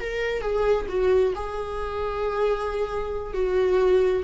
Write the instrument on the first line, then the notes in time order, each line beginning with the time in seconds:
viola
0.00 A#4
0.42 G#4
0.89 F#4
1.35 G#4
3.34 F#4